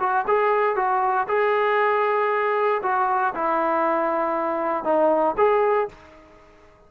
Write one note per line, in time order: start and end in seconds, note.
0.00 0.26 F#4
0.28 0.76 G#4
0.76 1.27 F#4
1.28 2.82 G#4
2.83 3.34 F#4
3.35 4.84 E4
4.84 5.36 D#4
5.37 5.89 G#4